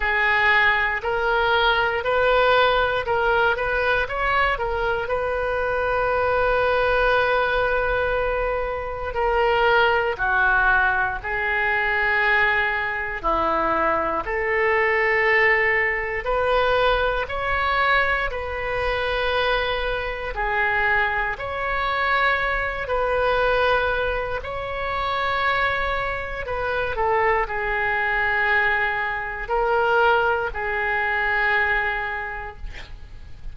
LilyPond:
\new Staff \with { instrumentName = "oboe" } { \time 4/4 \tempo 4 = 59 gis'4 ais'4 b'4 ais'8 b'8 | cis''8 ais'8 b'2.~ | b'4 ais'4 fis'4 gis'4~ | gis'4 e'4 a'2 |
b'4 cis''4 b'2 | gis'4 cis''4. b'4. | cis''2 b'8 a'8 gis'4~ | gis'4 ais'4 gis'2 | }